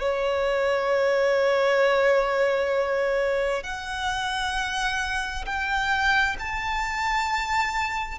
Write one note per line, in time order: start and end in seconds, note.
0.00 3.63 C#5
3.63 5.45 F#5
5.46 6.37 G5
6.39 8.19 A5